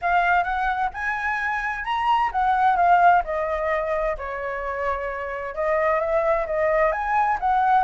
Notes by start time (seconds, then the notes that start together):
0.01 F5
0.43 F#5
0.93 G#5
1.84 A#5
2.32 F#5
2.76 F5
3.24 D#5
4.17 C#5
5.54 D#5
5.99 E5
6.46 D#5
6.91 G#5
7.40 F#5